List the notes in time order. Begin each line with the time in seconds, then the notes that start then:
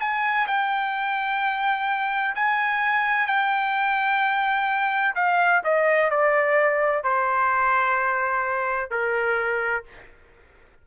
0.00 G#5
0.47 G5
2.35 G#5
3.27 G5
5.15 F5
5.64 D#5
6.10 D5
7.04 C5
8.90 A#4